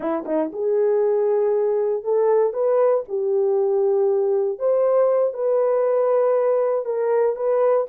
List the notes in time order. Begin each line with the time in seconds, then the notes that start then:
0.00 E4
0.25 D#4
0.52 G#4
2.03 A4
2.53 B4
3.08 G4
4.59 C5
5.33 B4
6.85 A#4
7.35 B4